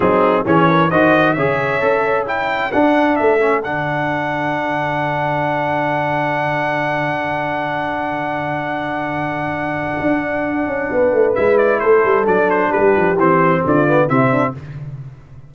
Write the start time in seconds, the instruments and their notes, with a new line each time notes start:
0.00 tuba F#3, trombone C4, horn D#4, trumpet G#4
0.45 tuba E3, trombone C#4, horn G#4, trumpet C#5
0.69 horn A#4
0.89 tuba D#3, trombone F#4, horn C5, trumpet D#5
1.33 tuba C#3, trombone G#4, horn C#5, trumpet E5
1.80 tuba C#4, trombone A4
2.24 trombone E4, horn A4, trumpet G5
2.72 trombone D4, tuba D4, trumpet F#5
3.15 tuba A3, trumpet E5
3.39 trombone C#4
3.63 tuba D3, trombone D4, trumpet F#5
10.00 tuba D4
10.66 tuba C#4
10.91 tuba B3, horn B4
11.12 tuba A3
11.34 tuba G#3, trombone E4, trumpet E5
11.57 trumpet D5
11.79 tuba A3, horn A4, trumpet C5
12.04 tuba G3
12.24 tuba F#3, trombone D4, trumpet D5
12.50 trumpet C5
12.70 tuba G3, horn G4, trumpet B4
12.96 tuba F3
13.16 tuba E3, trombone C4, trumpet C5
13.65 tuba D3, horn F4, trumpet D5
13.87 trombone B3
14.08 tuba C3, trombone C4, horn E4, trumpet E5
14.31 horn D4